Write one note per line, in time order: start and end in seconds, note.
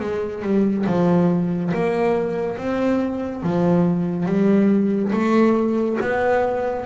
0.00 0.43 G#3
0.43 0.86 G3
0.87 1.73 F3
1.74 2.58 A#3
2.58 3.43 C4
3.43 4.26 F3
4.26 5.12 G3
5.13 5.98 A3
6.01 6.86 B3